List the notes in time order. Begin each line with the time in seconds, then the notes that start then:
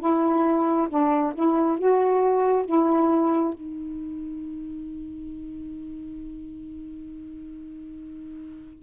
0.00 E4
0.89 D4
1.35 E4
1.79 F#4
2.66 E4
3.55 D#4